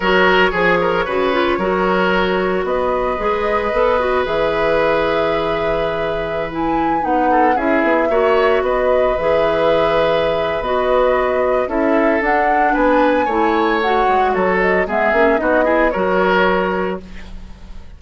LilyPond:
<<
  \new Staff \with { instrumentName = "flute" } { \time 4/4 \tempo 4 = 113 cis''1~ | cis''4 dis''2. | e''1~ | e''16 gis''4 fis''4 e''4.~ e''16~ |
e''16 dis''4 e''2~ e''8. | dis''2 e''4 fis''4 | gis''2 fis''4 cis''8 dis''8 | e''4 dis''4 cis''2 | }
  \new Staff \with { instrumentName = "oboe" } { \time 4/4 ais'4 gis'8 ais'8 b'4 ais'4~ | ais'4 b'2.~ | b'1~ | b'4.~ b'16 a'8 gis'4 cis''8.~ |
cis''16 b'2.~ b'8.~ | b'2 a'2 | b'4 cis''2 a'4 | gis'4 fis'8 gis'8 ais'2 | }
  \new Staff \with { instrumentName = "clarinet" } { \time 4/4 fis'4 gis'4 fis'8 f'8 fis'4~ | fis'2 gis'4 a'8 fis'8 | gis'1~ | gis'16 e'4 dis'4 e'4 fis'8.~ |
fis'4~ fis'16 gis'2~ gis'8. | fis'2 e'4 d'4~ | d'4 e'4 fis'2 | b8 cis'8 dis'8 e'8 fis'2 | }
  \new Staff \with { instrumentName = "bassoon" } { \time 4/4 fis4 f4 cis4 fis4~ | fis4 b4 gis4 b4 | e1~ | e4~ e16 b4 cis'8 b8 ais8.~ |
ais16 b4 e2~ e8. | b2 cis'4 d'4 | b4 a4. gis8 fis4 | gis8 ais8 b4 fis2 | }
>>